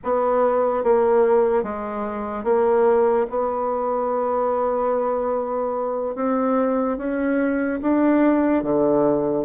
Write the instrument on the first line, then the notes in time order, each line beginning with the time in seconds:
bassoon
0.03 B3
0.83 A#3
1.63 G#3
2.44 A#3
3.29 B3
6.15 C4
6.97 C#4
7.82 D4
8.63 D3